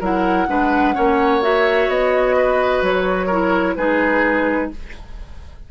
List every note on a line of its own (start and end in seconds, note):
0.00 0.47 F#3
0.00 0.48 E4
0.00 0.47 A#4
0.00 1.43 F#5
0.48 0.96 G#3
0.48 0.95 D4
0.48 0.95 B4
0.95 1.88 A#3
0.95 1.41 C#4
0.95 2.36 C#5
1.42 3.29 F#4
1.42 1.90 E5
1.88 2.82 B3
1.88 2.83 D#5
2.37 3.27 B4
2.82 3.76 F#3
2.82 3.76 C#5
3.27 3.78 E4
3.27 3.73 A#4
3.76 4.70 G#3
3.76 4.71 D#4
3.76 4.71 G#4
3.76 4.70 B4